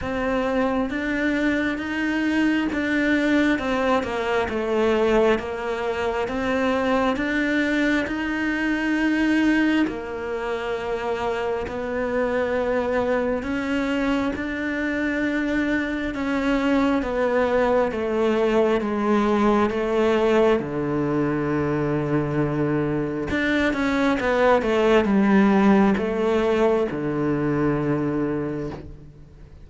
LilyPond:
\new Staff \with { instrumentName = "cello" } { \time 4/4 \tempo 4 = 67 c'4 d'4 dis'4 d'4 | c'8 ais8 a4 ais4 c'4 | d'4 dis'2 ais4~ | ais4 b2 cis'4 |
d'2 cis'4 b4 | a4 gis4 a4 d4~ | d2 d'8 cis'8 b8 a8 | g4 a4 d2 | }